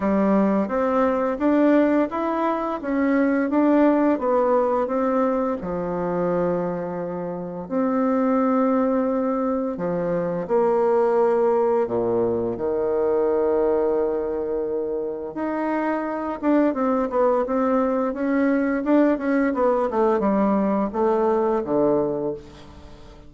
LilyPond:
\new Staff \with { instrumentName = "bassoon" } { \time 4/4 \tempo 4 = 86 g4 c'4 d'4 e'4 | cis'4 d'4 b4 c'4 | f2. c'4~ | c'2 f4 ais4~ |
ais4 ais,4 dis2~ | dis2 dis'4. d'8 | c'8 b8 c'4 cis'4 d'8 cis'8 | b8 a8 g4 a4 d4 | }